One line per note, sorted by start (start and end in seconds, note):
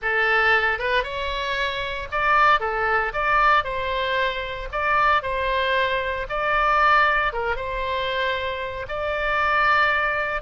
0.02 0.78 A4
0.78 1.03 B4
1.03 2.08 C#5
2.11 2.60 D5
2.60 3.12 A4
3.13 3.64 D5
3.64 4.68 C5
4.71 5.22 D5
5.22 6.27 C5
6.29 7.33 D5
7.33 7.56 A#4
7.56 8.86 C5
8.88 10.41 D5